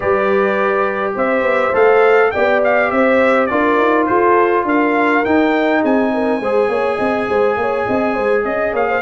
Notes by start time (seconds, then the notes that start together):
0.00 G3 G4 B4 D5
1.15 C4 C5 E5
1.42 B3
1.73 A3 A4 F5
2.31 B3 G4 D5 G5
2.63 F5
2.90 C4 C5 E5
3.46 D4 F4 A#4 D5
3.78 D#4
4.06 F4 A4 C5
4.64 D4 A#4 F5
5.24 D#4 G5
5.81 C4 G#4 G#5
6.13 A#4
6.40 G#3 G#4 C5
6.68 A#3 C#5
6.95 C4 D#5
7.29 G#3 C5
7.56 A#3 C#5
7.86 C4 D#5
8.13 G#3 C5
8.44 C#4 D#5
8.72 A#3 C#5 F5
8.88 C5